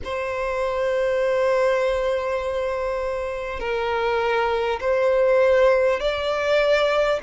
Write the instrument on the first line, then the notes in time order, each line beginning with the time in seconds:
violin
0.04 C5
3.59 A#4
4.80 C5
6.00 D5